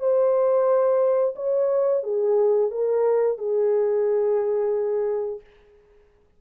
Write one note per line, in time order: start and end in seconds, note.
0.00 1.35 C5
1.36 2.04 C#5
2.04 2.71 G#4
2.71 3.39 A#4
3.39 5.41 G#4